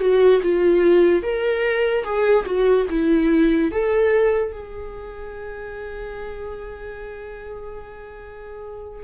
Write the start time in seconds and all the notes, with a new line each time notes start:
0.00 F#4
0.43 F4
1.23 A#4
2.04 G#4
2.46 F#4
2.90 E4
3.72 A4
4.53 G#4